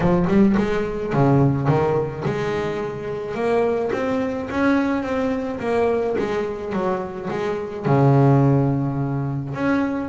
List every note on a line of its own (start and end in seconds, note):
0.00 0.25 F3
0.27 0.55 G3
0.57 1.13 G#3
1.13 1.68 C#3
1.68 2.24 D#3
2.25 3.34 G#3
3.34 3.90 A#3
3.93 4.49 C4
4.50 5.03 C#4
5.03 5.59 C4
5.59 6.15 A#3
6.18 6.72 G#3
6.72 7.28 F#3
7.30 7.85 G#3
7.85 9.54 C#3
9.54 10.09 C#4